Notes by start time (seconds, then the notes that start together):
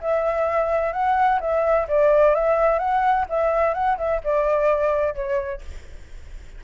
0.00 E5
0.92 F#5
1.40 E5
1.88 D5
2.35 E5
2.78 F#5
3.29 E5
3.74 F#5
3.97 E5
4.24 D5
5.14 C#5